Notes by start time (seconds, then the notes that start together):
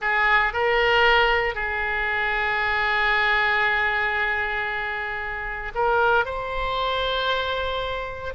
0.01 G#4
0.53 A#4
1.55 G#4
5.74 A#4
6.25 C5